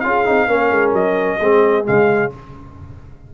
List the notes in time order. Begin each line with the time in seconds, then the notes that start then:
0.00 C#4 F4 F5
0.06 G#4
0.25 C4 D#4
0.47 A#3 C#4 A#4
0.71 G#3
0.93 F#3 D#5
1.40 G#3 C4 G#4
1.85 C#3 G#3 F5